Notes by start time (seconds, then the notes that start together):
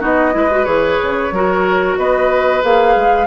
0.00 B3 D#4 F#4 D#5
0.32 G#3 E4 B4
0.51 F#4
0.65 E3 G#4 C#5
1.02 C#3
1.31 F#3 F#4 A#4
1.97 B3 B4 D#5
2.62 A#3 G#4 F5
2.96 G#3